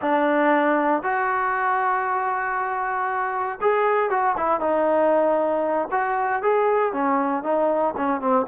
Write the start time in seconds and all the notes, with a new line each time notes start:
0.01 D4
1.03 F#4
3.61 G#4
4.10 F#4
4.37 E4
4.60 D#4
5.91 F#4
6.42 G#4
6.92 C#4
7.43 D#4
7.97 C#4
8.20 C4